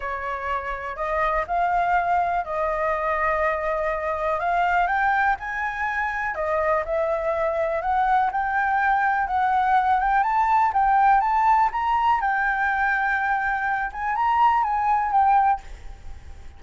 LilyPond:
\new Staff \with { instrumentName = "flute" } { \time 4/4 \tempo 4 = 123 cis''2 dis''4 f''4~ | f''4 dis''2.~ | dis''4 f''4 g''4 gis''4~ | gis''4 dis''4 e''2 |
fis''4 g''2 fis''4~ | fis''8 g''8 a''4 g''4 a''4 | ais''4 g''2.~ | g''8 gis''8 ais''4 gis''4 g''4 | }